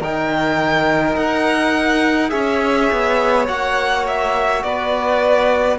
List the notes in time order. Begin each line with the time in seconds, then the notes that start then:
0.00 D#3 D#4 A#4 G5
1.16 D#4 F#5
2.30 C#4 G#4 C#5 E5
2.92 B3
3.48 A#3 F#4 F#5
4.07 E5
4.63 B3 B4 D5